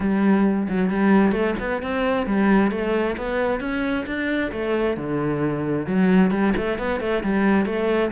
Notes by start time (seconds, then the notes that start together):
0.00 G3
0.68 F#3
0.90 G3
1.32 A3
1.59 B3
1.82 C4
2.26 G3
2.71 A3
3.17 B3
3.60 C#4
4.06 D4
4.51 A3
4.96 D3
5.86 F#3
6.31 G3
6.56 A3
6.78 B3
7.00 A3
7.23 G3
7.65 A3